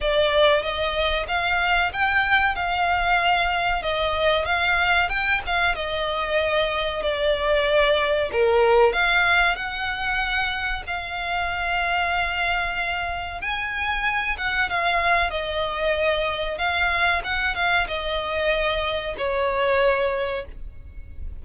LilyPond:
\new Staff \with { instrumentName = "violin" } { \time 4/4 \tempo 4 = 94 d''4 dis''4 f''4 g''4 | f''2 dis''4 f''4 | g''8 f''8 dis''2 d''4~ | d''4 ais'4 f''4 fis''4~ |
fis''4 f''2.~ | f''4 gis''4. fis''8 f''4 | dis''2 f''4 fis''8 f''8 | dis''2 cis''2 | }